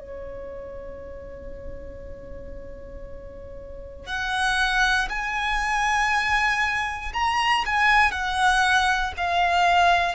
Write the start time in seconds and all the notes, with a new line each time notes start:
0.00 C#5
4.07 F#5
5.09 G#5
7.14 A#5
7.66 G#5
8.12 F#5
9.17 F5